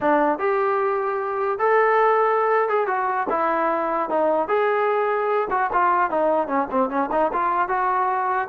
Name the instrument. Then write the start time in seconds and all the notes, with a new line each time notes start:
trombone
0.01 D4
0.38 G4
1.58 A4
2.69 G#4
2.87 F#4
3.29 E4
4.09 D#4
4.47 G#4
5.50 F#4
5.72 F4
6.10 D#4
6.47 C#4
6.71 C4
6.89 C#4
7.11 D#4
7.33 F4
7.68 F#4